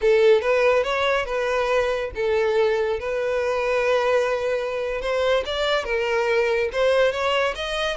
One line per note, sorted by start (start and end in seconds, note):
0.01 0.41 A4
0.41 0.83 B4
0.83 1.25 C#5
1.25 2.10 B4
2.15 2.99 A4
2.99 5.01 B4
5.01 5.43 C5
5.45 5.84 D5
5.84 6.69 A#4
6.72 7.12 C5
7.12 7.54 C#5
7.55 7.96 D#5